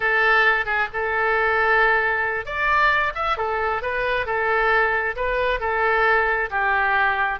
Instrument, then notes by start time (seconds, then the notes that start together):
oboe
0.00 A4
0.65 G#4
0.93 A4
2.45 D5
3.14 E5
3.37 A4
3.81 B4
4.26 A4
5.16 B4
5.60 A4
6.50 G4